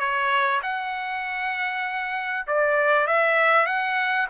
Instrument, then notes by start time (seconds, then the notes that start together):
trumpet
0.00 C#5
0.63 F#5
2.47 D5
3.08 E5
3.67 F#5